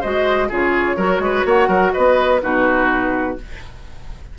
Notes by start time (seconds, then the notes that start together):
0.00 G#3 F#4 C5 D#5
0.48 C#3 F4 G#4 C#5
0.96 F#3 F#4 A#4
1.19 G#3 B4
1.45 A#3 C#5 F#5
1.67 F#3 A#4
1.92 B3 B4 D#5
2.40 B2 D#4 F#4 B4